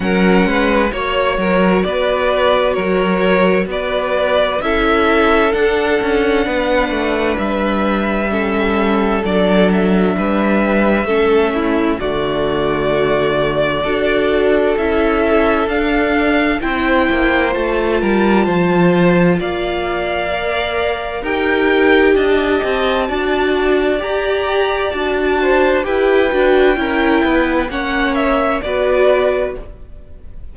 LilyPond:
<<
  \new Staff \with { instrumentName = "violin" } { \time 4/4 \tempo 4 = 65 fis''4 cis''4 d''4 cis''4 | d''4 e''4 fis''2 | e''2 d''8 e''4.~ | e''4 d''2. |
e''4 f''4 g''4 a''4~ | a''4 f''2 g''4 | a''2 ais''4 a''4 | g''2 fis''8 e''8 d''4 | }
  \new Staff \with { instrumentName = "violin" } { \time 4/4 ais'8 b'8 cis''8 ais'8 b'4 ais'4 | b'4 a'2 b'4~ | b'4 a'2 b'4 | a'8 e'8 fis'2 a'4~ |
a'2 c''4. ais'8 | c''4 d''2 ais'4 | dis''4 d''2~ d''8 c''8 | b'4 ais'8 b'8 cis''4 b'4 | }
  \new Staff \with { instrumentName = "viola" } { \time 4/4 cis'4 fis'2.~ | fis'4 e'4 d'2~ | d'4 cis'4 d'2 | cis'4 a2 fis'4 |
e'4 d'4 e'4 f'4~ | f'2 ais'4 g'4~ | g'4 fis'4 g'4 fis'4 | g'8 fis'8 e'4 cis'4 fis'4 | }
  \new Staff \with { instrumentName = "cello" } { \time 4/4 fis8 gis8 ais8 fis8 b4 fis4 | b4 cis'4 d'8 cis'8 b8 a8 | g2 fis4 g4 | a4 d2 d'4 |
cis'4 d'4 c'8 ais8 a8 g8 | f4 ais2 dis'4 | d'8 c'8 d'4 g'4 d'4 | e'8 d'8 cis'8 b8 ais4 b4 | }
>>